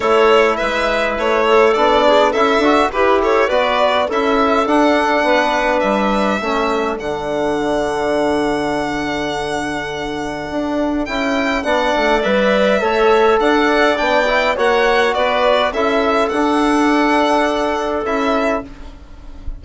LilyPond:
<<
  \new Staff \with { instrumentName = "violin" } { \time 4/4 \tempo 4 = 103 cis''4 e''4 cis''4 d''4 | e''4 b'8 cis''8 d''4 e''4 | fis''2 e''2 | fis''1~ |
fis''2. g''4 | fis''4 e''2 fis''4 | g''4 fis''4 d''4 e''4 | fis''2. e''4 | }
  \new Staff \with { instrumentName = "clarinet" } { \time 4/4 a'4 b'4. a'4 gis'8 | a'4 g'8 a'8 b'4 a'4~ | a'4 b'2 a'4~ | a'1~ |
a'1 | d''2 cis''4 d''4~ | d''4 cis''4 b'4 a'4~ | a'1 | }
  \new Staff \with { instrumentName = "trombone" } { \time 4/4 e'2. d'4 | e'8 fis'8 g'4 fis'4 e'4 | d'2. cis'4 | d'1~ |
d'2. e'4 | d'4 b'4 a'2 | d'8 e'8 fis'2 e'4 | d'2. e'4 | }
  \new Staff \with { instrumentName = "bassoon" } { \time 4/4 a4 gis4 a4 b4 | cis'8 d'8 e'4 b4 cis'4 | d'4 b4 g4 a4 | d1~ |
d2 d'4 cis'4 | b8 a8 g4 a4 d'4 | b4 ais4 b4 cis'4 | d'2. cis'4 | }
>>